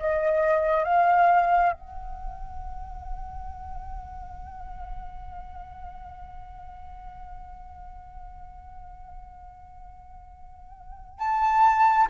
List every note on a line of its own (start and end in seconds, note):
0.00 0.85 D#5
0.85 1.73 F5
1.73 11.20 F#5
11.20 12.08 A5